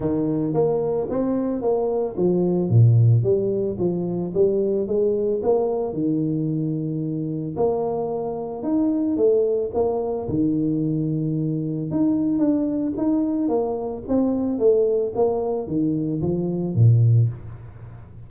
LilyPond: \new Staff \with { instrumentName = "tuba" } { \time 4/4 \tempo 4 = 111 dis4 ais4 c'4 ais4 | f4 ais,4 g4 f4 | g4 gis4 ais4 dis4~ | dis2 ais2 |
dis'4 a4 ais4 dis4~ | dis2 dis'4 d'4 | dis'4 ais4 c'4 a4 | ais4 dis4 f4 ais,4 | }